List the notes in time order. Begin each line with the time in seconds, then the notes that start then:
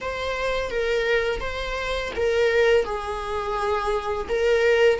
0.01 C5
0.70 A#4
1.40 C5
2.16 A#4
2.84 G#4
4.29 A#4